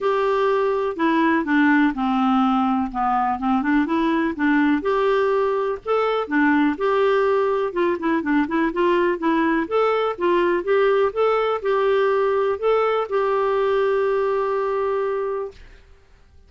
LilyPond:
\new Staff \with { instrumentName = "clarinet" } { \time 4/4 \tempo 4 = 124 g'2 e'4 d'4 | c'2 b4 c'8 d'8 | e'4 d'4 g'2 | a'4 d'4 g'2 |
f'8 e'8 d'8 e'8 f'4 e'4 | a'4 f'4 g'4 a'4 | g'2 a'4 g'4~ | g'1 | }